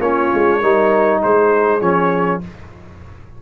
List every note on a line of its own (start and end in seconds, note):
0.00 0.30 A#3
0.00 0.63 C#4
0.00 0.60 F4
0.00 1.21 C#5
0.34 0.63 G#3
0.60 1.23 G3
0.60 1.81 D#4
0.60 1.20 A#4
1.22 1.81 G#3
1.22 2.42 G#4
1.22 1.81 C5
1.81 2.41 F3
1.81 2.41 C#4
1.81 2.41 C#5